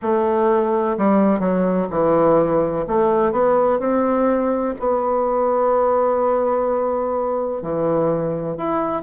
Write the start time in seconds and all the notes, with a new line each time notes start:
0.02 A3
0.97 G3
1.39 F#3
1.90 E3
2.87 A3
3.32 B3
3.79 C4
4.79 B3
7.62 E3
8.57 E4